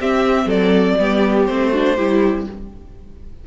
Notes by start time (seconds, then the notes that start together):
0.00 C4 G4 E5
0.45 F#3 A4 D5
0.99 G3 B3 G4
1.46 A3 C4 C5
1.72 D4 F#4
1.97 G3 E4 G4